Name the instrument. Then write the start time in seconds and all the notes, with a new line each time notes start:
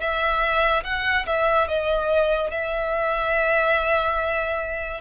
violin
0.00 E5
0.84 F#5
1.26 E5
1.68 D#5
2.51 E5